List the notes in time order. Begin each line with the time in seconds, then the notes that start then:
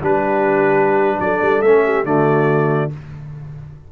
0.00 G3 D4 G4 B4
1.19 F#3 A4 D5
1.41 G3
1.61 A3 C#4 E5
1.84 G4
2.04 D3 A3 F#4 D5